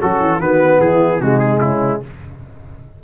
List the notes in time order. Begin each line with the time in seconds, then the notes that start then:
0.00 F#3 C#4 F#4 A4
0.20 E3
0.40 D#3 B3 F#4 B4
0.81 E3 E4 G#4
1.21 C3 G#3 D#4 F#4
1.39 G#4
1.61 C#3 C#4 E4